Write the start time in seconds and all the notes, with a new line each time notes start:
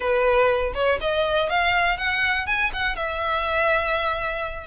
0.00 B4
0.74 C#5
1.01 D#5
1.49 F5
1.97 F#5
2.46 G#5
2.73 F#5
2.96 E5